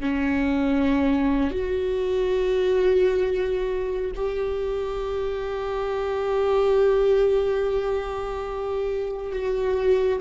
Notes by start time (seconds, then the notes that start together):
0.00 C#4
1.51 F#4
4.15 G4
9.32 F#4